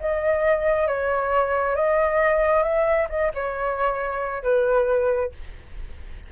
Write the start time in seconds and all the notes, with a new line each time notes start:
0.00 D#5
0.87 C#5
1.75 D#5
2.63 E5
3.09 D#5
3.34 C#5
4.43 B4